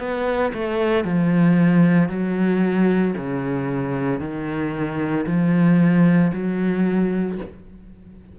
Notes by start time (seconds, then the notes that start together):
0.00 B3
0.54 A3
1.05 F3
2.10 F#3
3.18 C#3
4.21 D#3
5.27 F3
6.33 F#3